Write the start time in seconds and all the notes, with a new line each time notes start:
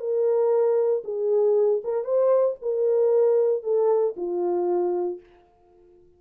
0.00 A#4
1.05 G#4
1.84 A#4
2.05 C5
2.62 A#4
3.63 A4
4.17 F4